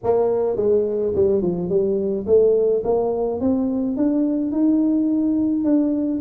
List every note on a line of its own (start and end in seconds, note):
0.03 0.56 A#3
0.56 1.13 G#3
1.15 1.42 G3
1.42 1.69 F3
1.69 2.25 G3
2.26 2.83 A3
2.84 3.40 A#3
3.40 3.96 C4
3.96 4.51 D4
4.51 5.64 D#4
5.64 6.21 D4